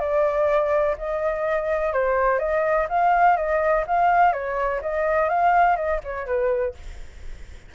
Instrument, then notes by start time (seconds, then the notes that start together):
flute
0.00 D5
0.98 D#5
1.93 C5
2.39 D#5
2.89 F5
3.37 D#5
3.87 F5
4.33 C#5
4.82 D#5
5.29 F5
5.76 D#5
6.04 C#5
6.27 B4